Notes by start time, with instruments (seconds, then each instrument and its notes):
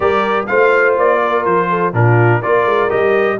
0.00 tuba G3, trombone G4, horn A#4, trumpet D5
0.46 tuba A3, trombone F4, horn C5, trumpet F5
0.97 tuba A#3, trumpet D5
1.24 horn A#4
1.44 tuba F3, trumpet C5
1.69 horn A4
1.93 tuba A#2, trombone D4, horn F4, trumpet A#4
2.40 tuba A#3, trombone F4, horn A#4, trumpet D5
2.65 tuba G#3
2.89 tuba G3, trombone G4, trumpet D#5